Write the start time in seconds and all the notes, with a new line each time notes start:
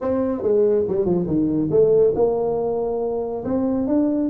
0.01 C4
0.42 G#3
0.88 G3
1.05 F3
1.26 D#3
1.70 A3
2.15 A#3
3.44 C4
3.87 D4